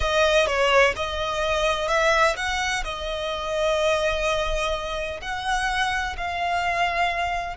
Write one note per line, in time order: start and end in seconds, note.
0.00 0.47 D#5
0.47 0.94 C#5
0.96 1.88 D#5
1.88 2.35 E5
2.36 2.83 F#5
2.84 5.20 D#5
5.21 6.15 F#5
6.17 7.56 F5